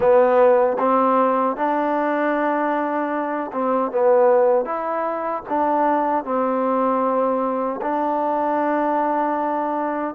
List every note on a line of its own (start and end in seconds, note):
0.00 0.77 B3
0.78 1.56 C4
1.56 3.51 D4
3.52 3.91 C4
3.91 4.65 B3
4.65 5.43 E4
5.49 6.24 D4
6.24 7.80 C4
7.81 10.14 D4